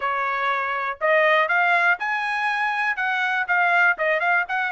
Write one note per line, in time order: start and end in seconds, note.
0.00 0.98 C#5
1.01 1.48 D#5
1.48 1.98 F5
1.99 2.96 G#5
2.96 3.46 F#5
3.47 3.97 F5
3.97 4.20 D#5
4.20 4.44 F5
4.48 4.71 F#5